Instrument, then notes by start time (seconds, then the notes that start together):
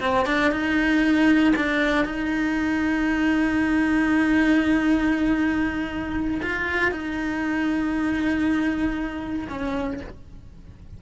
cello
0.00 C4
0.26 D4
0.51 D#4
1.56 D4
2.05 D#4
6.42 F4
6.91 D#4
9.49 C#4